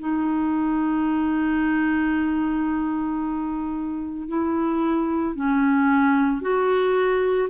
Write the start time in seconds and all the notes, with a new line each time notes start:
0.00 D#4
4.29 E4
5.36 C#4
6.42 F#4